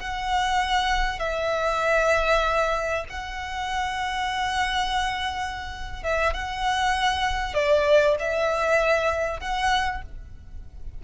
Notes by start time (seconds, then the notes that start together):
0.00 F#5
1.20 E5
3.10 F#5
6.04 E5
6.34 F#5
7.55 D5
8.20 E5
9.40 F#5